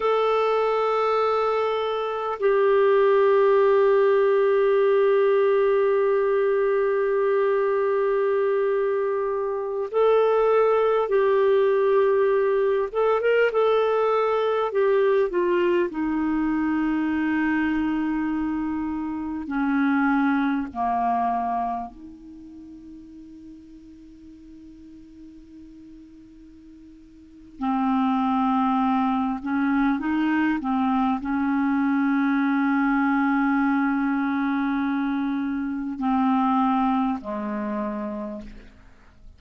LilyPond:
\new Staff \with { instrumentName = "clarinet" } { \time 4/4 \tempo 4 = 50 a'2 g'2~ | g'1~ | g'16 a'4 g'4. a'16 ais'16 a'8.~ | a'16 g'8 f'8 dis'2~ dis'8.~ |
dis'16 cis'4 ais4 dis'4.~ dis'16~ | dis'2. c'4~ | c'8 cis'8 dis'8 c'8 cis'2~ | cis'2 c'4 gis4 | }